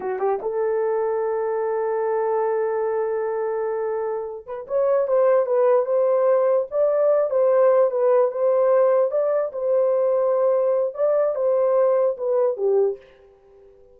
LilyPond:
\new Staff \with { instrumentName = "horn" } { \time 4/4 \tempo 4 = 148 fis'8 g'8 a'2.~ | a'1~ | a'2. b'8 cis''8~ | cis''8 c''4 b'4 c''4.~ |
c''8 d''4. c''4. b'8~ | b'8 c''2 d''4 c''8~ | c''2. d''4 | c''2 b'4 g'4 | }